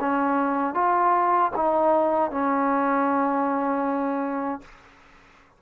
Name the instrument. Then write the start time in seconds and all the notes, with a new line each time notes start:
trombone
0.00 C#4
0.74 F4
1.55 D#4
2.30 C#4